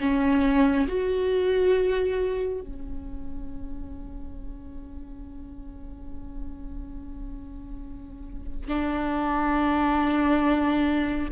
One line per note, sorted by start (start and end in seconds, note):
0.00 0.87 C#4
0.88 2.61 F#4
2.61 8.68 C#4
8.68 11.29 D4